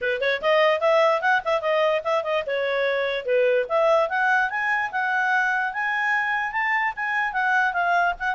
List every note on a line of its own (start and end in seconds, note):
0.01 0.20 B4
0.20 0.41 C#5
0.41 0.80 D#5
0.80 1.21 E5
1.21 1.41 F#5
1.44 1.61 E5
1.61 2.02 D#5
2.04 2.23 E5
2.23 2.44 D#5
2.46 3.25 C#5
3.25 3.66 B4
3.68 4.09 E5
4.09 4.50 F#5
4.50 4.91 G#5
4.91 5.73 F#5
5.73 6.52 G#5
6.52 6.93 A5
6.96 7.32 G#5
7.32 7.73 F#5
7.73 8.13 F5
8.19 8.35 F#5